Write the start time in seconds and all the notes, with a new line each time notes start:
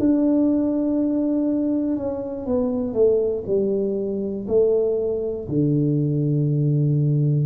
0.00 D4
1.97 C#4
2.46 B3
2.94 A3
3.47 G3
4.49 A3
5.49 D3